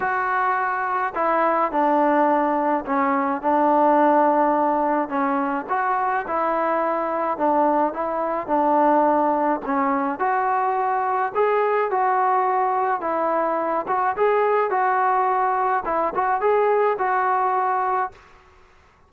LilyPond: \new Staff \with { instrumentName = "trombone" } { \time 4/4 \tempo 4 = 106 fis'2 e'4 d'4~ | d'4 cis'4 d'2~ | d'4 cis'4 fis'4 e'4~ | e'4 d'4 e'4 d'4~ |
d'4 cis'4 fis'2 | gis'4 fis'2 e'4~ | e'8 fis'8 gis'4 fis'2 | e'8 fis'8 gis'4 fis'2 | }